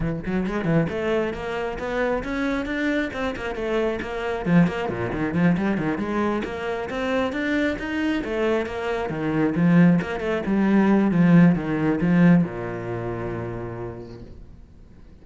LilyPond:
\new Staff \with { instrumentName = "cello" } { \time 4/4 \tempo 4 = 135 e8 fis8 gis8 e8 a4 ais4 | b4 cis'4 d'4 c'8 ais8 | a4 ais4 f8 ais8 ais,8 dis8 | f8 g8 dis8 gis4 ais4 c'8~ |
c'8 d'4 dis'4 a4 ais8~ | ais8 dis4 f4 ais8 a8 g8~ | g4 f4 dis4 f4 | ais,1 | }